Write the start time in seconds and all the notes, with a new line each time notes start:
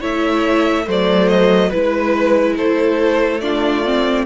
0.00 A3 E4 C#5 E5
0.86 F#3 A3 C5 D5
1.28 D#5
1.69 G#3 E4 B4
2.57 A3 A4 C5
3.40 D4 F4 D5
3.84 C4